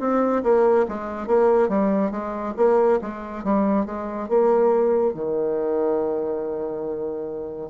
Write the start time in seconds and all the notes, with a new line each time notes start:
0.00 C4
0.43 A#3
0.88 G#3
1.27 A#3
1.69 G3
2.12 G#3
2.57 A#3
3.02 G#3
3.44 G3
3.86 G#3
4.29 A#3
5.14 D#3